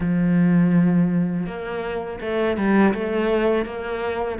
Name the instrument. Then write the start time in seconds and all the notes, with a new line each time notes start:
cello
0.00 F3
1.46 A#3
2.20 A3
2.57 G3
2.93 A3
3.65 A#3